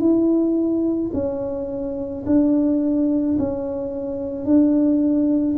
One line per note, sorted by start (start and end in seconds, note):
0.00 1.11 E4
1.14 2.25 C#4
2.26 3.37 D4
3.39 4.45 C#4
4.45 5.57 D4